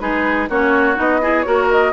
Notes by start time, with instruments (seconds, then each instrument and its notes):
0.00 bassoon G#3, clarinet D#4, oboe G#4, flute B4
0.49 bassoon A#3, clarinet C#4, oboe F#4, flute C#5
0.95 bassoon B3, clarinet D#4, flute D#5
1.22 clarinet E4, oboe G#4
1.42 bassoon A#3, clarinet F#4, oboe A#4, flute C#5
1.71 flute D#5